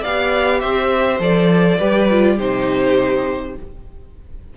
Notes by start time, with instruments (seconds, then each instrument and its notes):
0.00 cello B3, viola G4, violin D5 F5
0.60 cello C4, violin C5 E5
1.19 cello F3, viola A4, violin D5
1.78 cello G3, viola G4, violin B4
2.10 viola F4
2.35 cello C3, viola D#4, violin G4 C5